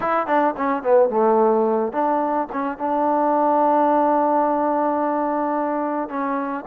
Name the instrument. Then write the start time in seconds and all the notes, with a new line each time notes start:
trombone
0.00 E4
0.26 D4
0.57 C#4
0.82 B3
1.09 A3
1.92 D4
2.52 C#4
2.78 D4
6.09 C#4